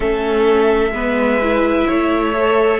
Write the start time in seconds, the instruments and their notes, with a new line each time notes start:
0.00 cello A3, viola C#4, violin A4 E5
0.90 cello G#3, viola B3, violin B4
1.41 viola E4
1.87 cello A3, violin C#5
2.34 viola A4